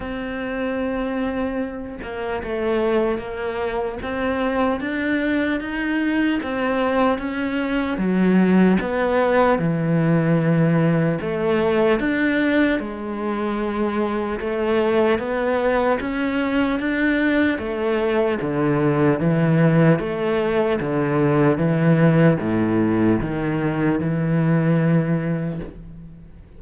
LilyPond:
\new Staff \with { instrumentName = "cello" } { \time 4/4 \tempo 4 = 75 c'2~ c'8 ais8 a4 | ais4 c'4 d'4 dis'4 | c'4 cis'4 fis4 b4 | e2 a4 d'4 |
gis2 a4 b4 | cis'4 d'4 a4 d4 | e4 a4 d4 e4 | a,4 dis4 e2 | }